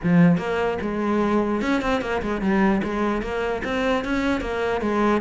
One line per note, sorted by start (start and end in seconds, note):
0.03 0.37 F3
0.37 0.78 A#3
0.81 1.61 G#3
1.61 1.81 C#4
1.81 2.01 C4
2.01 2.21 A#3
2.22 2.41 G#3
2.41 2.81 G3
2.83 3.22 G#3
3.22 3.62 A#3
3.64 4.04 C4
4.04 4.40 C#4
4.40 4.81 A#3
4.81 5.21 G#3